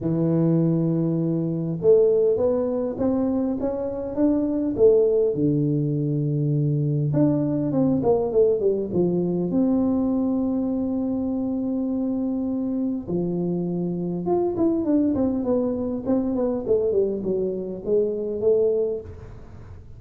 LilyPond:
\new Staff \with { instrumentName = "tuba" } { \time 4/4 \tempo 4 = 101 e2. a4 | b4 c'4 cis'4 d'4 | a4 d2. | d'4 c'8 ais8 a8 g8 f4 |
c'1~ | c'2 f2 | f'8 e'8 d'8 c'8 b4 c'8 b8 | a8 g8 fis4 gis4 a4 | }